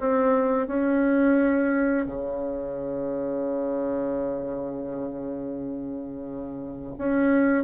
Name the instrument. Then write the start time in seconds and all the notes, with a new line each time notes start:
bassoon
0.00 C4
0.67 C#4
2.06 C#3
6.98 C#4